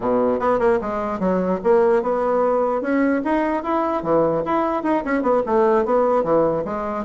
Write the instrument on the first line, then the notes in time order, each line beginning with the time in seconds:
bassoon
0.00 B2
0.39 B3
0.59 A#3
0.81 G#3
1.19 F#3
1.63 A#3
2.02 B3
2.81 C#4
3.24 D#4
3.63 E4
4.02 E3
4.45 E4
4.83 D#4
5.04 C#4
5.22 B3
5.46 A3
5.85 B3
6.23 E3
6.64 G#3